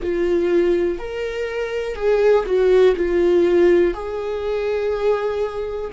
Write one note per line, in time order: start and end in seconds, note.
0.02 0.98 F4
0.98 1.94 A#4
1.94 2.44 G#4
2.45 2.95 F#4
2.96 3.93 F4
3.93 5.90 G#4